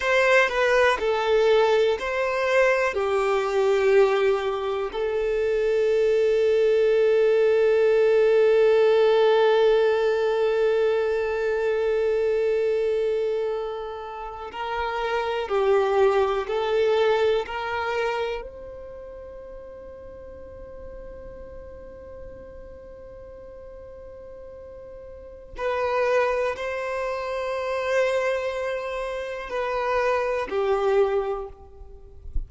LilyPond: \new Staff \with { instrumentName = "violin" } { \time 4/4 \tempo 4 = 61 c''8 b'8 a'4 c''4 g'4~ | g'4 a'2.~ | a'1~ | a'2~ a'8. ais'4 g'16~ |
g'8. a'4 ais'4 c''4~ c''16~ | c''1~ | c''2 b'4 c''4~ | c''2 b'4 g'4 | }